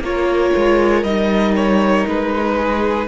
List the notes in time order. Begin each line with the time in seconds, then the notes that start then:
0.00 A#3 F4 A#4 C#5
0.56 G#3
1.03 G3 D#4 D#5
1.56 C#5
2.07 G#3 B4
2.56 G#4